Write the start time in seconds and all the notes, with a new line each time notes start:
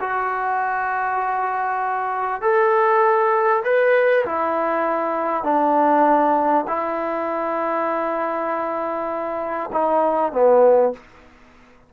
0.00 F#4
2.42 A4
3.64 B4
4.26 E4
5.44 D4
6.68 E4
9.72 D#4
10.33 B3